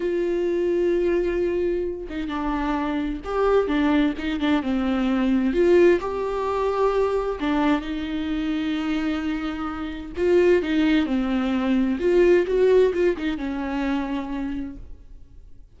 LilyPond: \new Staff \with { instrumentName = "viola" } { \time 4/4 \tempo 4 = 130 f'1~ | f'8 dis'8 d'2 g'4 | d'4 dis'8 d'8 c'2 | f'4 g'2. |
d'4 dis'2.~ | dis'2 f'4 dis'4 | c'2 f'4 fis'4 | f'8 dis'8 cis'2. | }